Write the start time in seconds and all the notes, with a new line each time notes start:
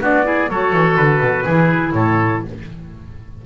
0.00 B3 D4 F#4 D5
0.24 E4 G#4
0.49 F#3 F#4 A4 C#5
0.73 E3
0.97 D3 B4
1.20 B2
1.45 E3 E4 G#4
1.93 A2 A4 C#5